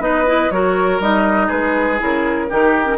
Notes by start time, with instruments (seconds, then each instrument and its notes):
0.00 bassoon B3, clarinet D#4, oboe B4, flute D#5
0.27 clarinet E4
0.51 bassoon F#3, clarinet F#4, oboe A#4, flute C#5
1.00 bassoon G3, clarinet D#4, flute D#5
1.48 bassoon G#3, oboe G#4, flute B4
1.99 bassoon C#3, clarinet E4, flute A#4
2.50 bassoon D#3, clarinet D#4, oboe G4
2.85 clarinet C#4